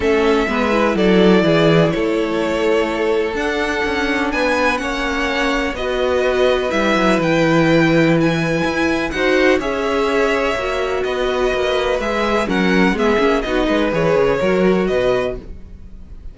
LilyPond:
<<
  \new Staff \with { instrumentName = "violin" } { \time 4/4 \tempo 4 = 125 e''2 d''2 | cis''2. fis''4~ | fis''4 gis''4 fis''2 | dis''2 e''4 g''4~ |
g''4 gis''2 fis''4 | e''2. dis''4~ | dis''4 e''4 fis''4 e''4 | dis''4 cis''2 dis''4 | }
  \new Staff \with { instrumentName = "violin" } { \time 4/4 a'4 b'4 a'4 gis'4 | a'1~ | a'4 b'4 cis''2 | b'1~ |
b'2. c''4 | cis''2. b'4~ | b'2 ais'4 gis'4 | fis'8 b'4. ais'4 b'4 | }
  \new Staff \with { instrumentName = "viola" } { \time 4/4 cis'4 b8 e'2~ e'8~ | e'2. d'4~ | d'2 cis'2 | fis'2 e'2~ |
e'2. fis'4 | gis'2 fis'2~ | fis'4 gis'4 cis'4 b8 cis'8 | dis'4 gis'4 fis'2 | }
  \new Staff \with { instrumentName = "cello" } { \time 4/4 a4 gis4 fis4 e4 | a2. d'4 | cis'4 b4 ais2 | b2 g8 fis8 e4~ |
e2 e'4 dis'4 | cis'2 ais4 b4 | ais4 gis4 fis4 gis8 ais8 | b8 gis8 e8 cis8 fis4 b,4 | }
>>